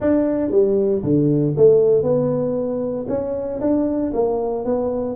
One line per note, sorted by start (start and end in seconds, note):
0.00 0.50 D4
0.50 1.02 G3
1.03 1.54 D3
1.56 2.02 A3
2.02 3.06 B3
3.08 3.60 C#4
3.60 4.12 D4
4.13 4.65 A#3
4.65 5.16 B3